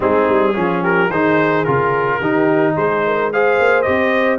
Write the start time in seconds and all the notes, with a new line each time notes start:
0.00 G#3 C4 D#4 G#4
0.28 G3
0.54 F3 C#4 F4
0.82 G4 A#4
1.08 D#3 D#4 G#4 C5
1.64 C#3 F4 A#4
2.19 D#3 D#4 G4
2.76 G#3 G#4 C5
3.06 A#4
3.32 G#4 C5 F5
3.59 A#3
3.82 C4 G4 D#5